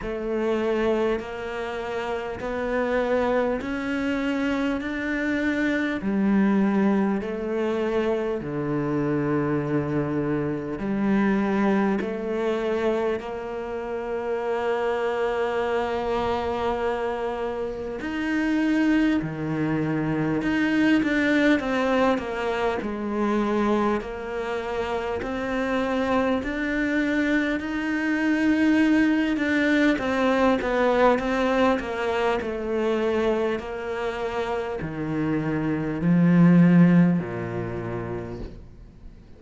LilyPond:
\new Staff \with { instrumentName = "cello" } { \time 4/4 \tempo 4 = 50 a4 ais4 b4 cis'4 | d'4 g4 a4 d4~ | d4 g4 a4 ais4~ | ais2. dis'4 |
dis4 dis'8 d'8 c'8 ais8 gis4 | ais4 c'4 d'4 dis'4~ | dis'8 d'8 c'8 b8 c'8 ais8 a4 | ais4 dis4 f4 ais,4 | }